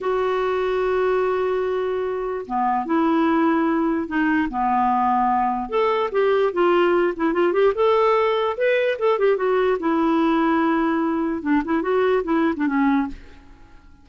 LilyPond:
\new Staff \with { instrumentName = "clarinet" } { \time 4/4 \tempo 4 = 147 fis'1~ | fis'2 b4 e'4~ | e'2 dis'4 b4~ | b2 a'4 g'4 |
f'4. e'8 f'8 g'8 a'4~ | a'4 b'4 a'8 g'8 fis'4 | e'1 | d'8 e'8 fis'4 e'8. d'16 cis'4 | }